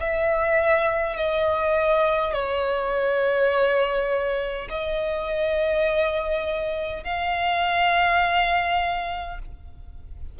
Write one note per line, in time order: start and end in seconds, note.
0.00 1.16 E5
1.16 2.33 D#5
2.33 4.68 C#5
4.69 7.04 D#5
7.04 9.39 F5